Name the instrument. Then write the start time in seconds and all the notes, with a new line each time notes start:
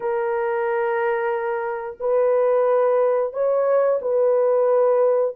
horn
0.00 A#4
2.00 B4
3.33 C#5
4.01 B4